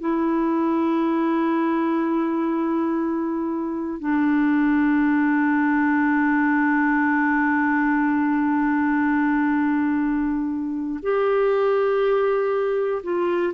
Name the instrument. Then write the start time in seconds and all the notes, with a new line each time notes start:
clarinet
0.00 E4
4.00 D4
11.03 G4
13.04 F4